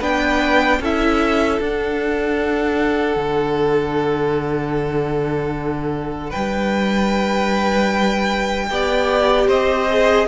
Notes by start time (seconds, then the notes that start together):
0.00 B3 D4 B4 G5
0.80 C#4 E4 A4 E5
1.60 D4 F#5
3.17 D3
6.30 G3 B4 G5
8.70 B3 G4 D5
9.48 C4 C5 D#5
9.90 G#4